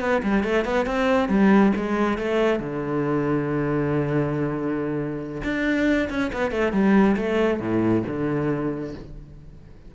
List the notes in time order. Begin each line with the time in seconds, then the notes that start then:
0.00 B3
0.23 G3
0.43 A3
0.64 B3
0.86 C4
1.28 G3
1.76 G#3
2.18 A3
2.59 D3
5.43 D4
6.09 C#4
6.32 B3
6.51 A3
6.72 G3
7.16 A3
7.59 A2
8.07 D3